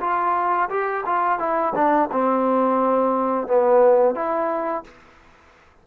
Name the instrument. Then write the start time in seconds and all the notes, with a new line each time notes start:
trombone
0.00 F4
0.70 G4
1.06 F4
1.39 E4
1.75 D4
2.12 C4
3.48 B3
4.15 E4